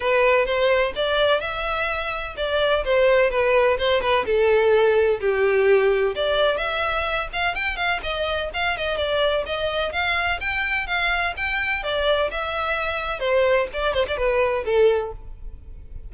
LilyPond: \new Staff \with { instrumentName = "violin" } { \time 4/4 \tempo 4 = 127 b'4 c''4 d''4 e''4~ | e''4 d''4 c''4 b'4 | c''8 b'8 a'2 g'4~ | g'4 d''4 e''4. f''8 |
g''8 f''8 dis''4 f''8 dis''8 d''4 | dis''4 f''4 g''4 f''4 | g''4 d''4 e''2 | c''4 d''8 c''16 d''16 b'4 a'4 | }